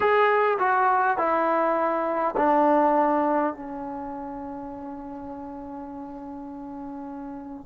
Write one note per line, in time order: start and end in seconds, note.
0.00 0.58 G#4
0.59 1.17 F#4
1.17 2.35 E4
2.37 3.54 D4
3.54 7.66 C#4